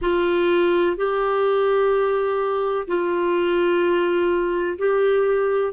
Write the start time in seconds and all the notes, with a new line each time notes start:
0.01 F4
0.97 G4
2.87 F4
4.78 G4